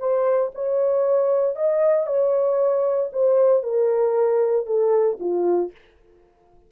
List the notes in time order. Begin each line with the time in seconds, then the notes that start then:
0.00 C5
0.55 C#5
1.56 D#5
2.07 C#5
3.13 C5
3.63 A#4
4.67 A4
5.20 F4